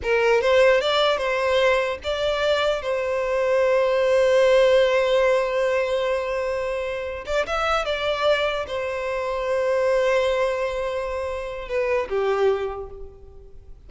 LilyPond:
\new Staff \with { instrumentName = "violin" } { \time 4/4 \tempo 4 = 149 ais'4 c''4 d''4 c''4~ | c''4 d''2 c''4~ | c''1~ | c''1~ |
c''2 d''8 e''4 d''8~ | d''4. c''2~ c''8~ | c''1~ | c''4 b'4 g'2 | }